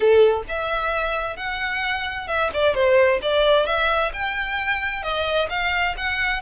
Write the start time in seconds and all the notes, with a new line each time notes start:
0.00 A4
0.48 E5
1.36 F#5
2.27 E5
2.53 D5
2.74 C5
3.22 D5
3.66 E5
4.13 G5
5.02 D#5
5.49 F5
5.97 F#5